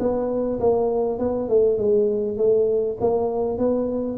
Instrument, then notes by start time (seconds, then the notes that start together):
tuba
0.00 B3
0.61 A#3
1.19 B3
1.49 A3
1.79 G#3
2.38 A3
3.01 A#3
3.58 B3